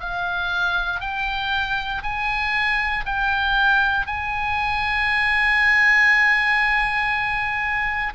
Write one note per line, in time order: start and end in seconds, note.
0.00 1.01 F5
1.01 2.02 G5
2.03 3.05 G#5
3.06 4.06 G5
4.06 8.13 G#5